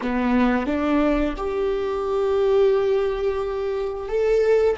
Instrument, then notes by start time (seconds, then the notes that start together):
viola
0.01 B3
0.66 D4
1.36 G4
4.08 A4